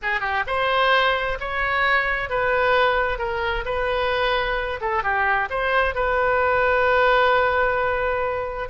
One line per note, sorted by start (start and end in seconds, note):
0.02 0.20 G#4
0.20 0.43 G4
0.46 1.38 C5
1.40 2.29 C#5
2.29 3.18 B4
3.18 3.64 A#4
3.65 4.79 B4
4.80 5.03 A4
5.03 5.49 G4
5.50 5.95 C5
5.95 8.69 B4